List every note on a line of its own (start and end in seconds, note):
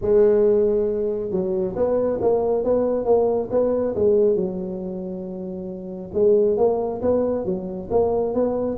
0.01 1.30 G#3
1.30 1.74 F#3
1.75 2.19 B3
2.21 2.64 A#3
2.64 3.05 B3
3.05 3.48 A#3
3.51 3.94 B3
3.95 4.35 G#3
4.35 6.10 F#3
6.13 6.57 G#3
6.57 7.01 A#3
7.01 7.45 B3
7.45 7.89 F#3
7.90 8.34 A#3
8.34 8.77 B3